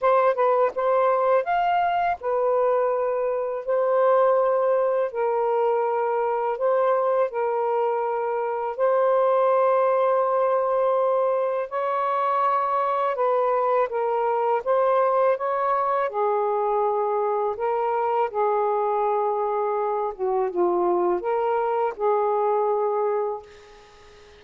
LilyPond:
\new Staff \with { instrumentName = "saxophone" } { \time 4/4 \tempo 4 = 82 c''8 b'8 c''4 f''4 b'4~ | b'4 c''2 ais'4~ | ais'4 c''4 ais'2 | c''1 |
cis''2 b'4 ais'4 | c''4 cis''4 gis'2 | ais'4 gis'2~ gis'8 fis'8 | f'4 ais'4 gis'2 | }